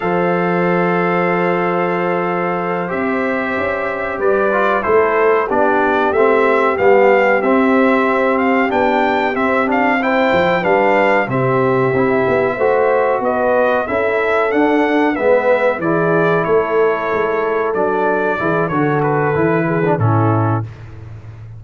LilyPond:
<<
  \new Staff \with { instrumentName = "trumpet" } { \time 4/4 \tempo 4 = 93 f''1~ | f''8 e''2 d''4 c''8~ | c''8 d''4 e''4 f''4 e''8~ | e''4 f''8 g''4 e''8 f''8 g''8~ |
g''8 f''4 e''2~ e''8~ | e''8 dis''4 e''4 fis''4 e''8~ | e''8 d''4 cis''2 d''8~ | d''4 cis''8 b'4. a'4 | }
  \new Staff \with { instrumentName = "horn" } { \time 4/4 c''1~ | c''2~ c''8 b'4 a'8~ | a'8 g'2.~ g'8~ | g'2.~ g'8 c''8~ |
c''8 b'4 g'2 c''8~ | c''8 b'4 a'2 b'8~ | b'8 gis'4 a'2~ a'8~ | a'8 gis'8 a'4. gis'8 e'4 | }
  \new Staff \with { instrumentName = "trombone" } { \time 4/4 a'1~ | a'8 g'2~ g'8 f'8 e'8~ | e'8 d'4 c'4 b4 c'8~ | c'4. d'4 c'8 d'8 e'8~ |
e'8 d'4 c'4 e'4 fis'8~ | fis'4. e'4 d'4 b8~ | b8 e'2. d'8~ | d'8 e'8 fis'4 e'8. d'16 cis'4 | }
  \new Staff \with { instrumentName = "tuba" } { \time 4/4 f1~ | f8 c'4 cis'4 g4 a8~ | a8 b4 a4 g4 c'8~ | c'4. b4 c'4. |
f8 g4 c4 c'8 b8 a8~ | a8 b4 cis'4 d'4 gis8~ | gis8 e4 a4 gis4 fis8~ | fis8 e8 d4 e4 a,4 | }
>>